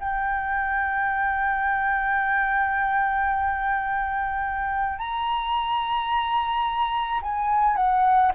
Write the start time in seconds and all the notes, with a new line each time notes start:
0.00 G5
4.99 A#5
7.23 G#5
7.77 F#5